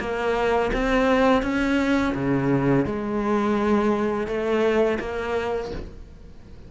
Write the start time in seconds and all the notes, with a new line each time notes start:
0.00 A#3
0.73 C4
1.42 C#4
2.15 C#3
2.86 G#3
4.27 A3
5.00 A#3